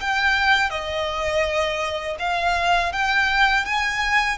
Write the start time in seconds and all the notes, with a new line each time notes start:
0.00 G5
0.70 D#5
2.19 F5
2.92 G5
3.65 G#5